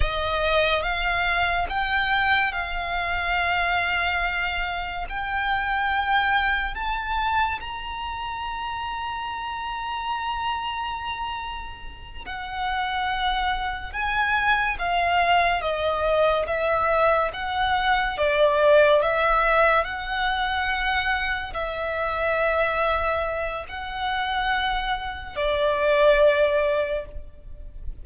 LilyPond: \new Staff \with { instrumentName = "violin" } { \time 4/4 \tempo 4 = 71 dis''4 f''4 g''4 f''4~ | f''2 g''2 | a''4 ais''2.~ | ais''2~ ais''8 fis''4.~ |
fis''8 gis''4 f''4 dis''4 e''8~ | e''8 fis''4 d''4 e''4 fis''8~ | fis''4. e''2~ e''8 | fis''2 d''2 | }